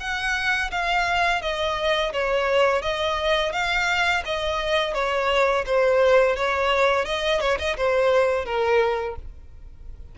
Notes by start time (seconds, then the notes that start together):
0.00 F#5
0.72 F5
1.42 D#5
2.13 C#5
2.82 D#5
3.53 F5
4.25 D#5
4.94 C#5
5.66 C5
6.36 C#5
7.06 D#5
7.41 C#5
7.59 D#5
7.77 C5
8.45 A#4